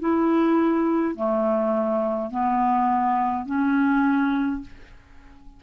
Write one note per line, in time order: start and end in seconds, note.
0.00 1.15 E4
1.15 2.31 A3
2.31 3.46 B3
3.46 4.61 C#4